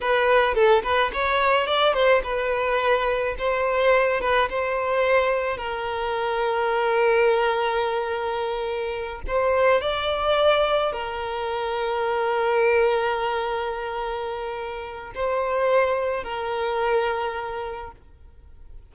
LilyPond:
\new Staff \with { instrumentName = "violin" } { \time 4/4 \tempo 4 = 107 b'4 a'8 b'8 cis''4 d''8 c''8 | b'2 c''4. b'8 | c''2 ais'2~ | ais'1~ |
ais'8 c''4 d''2 ais'8~ | ais'1~ | ais'2. c''4~ | c''4 ais'2. | }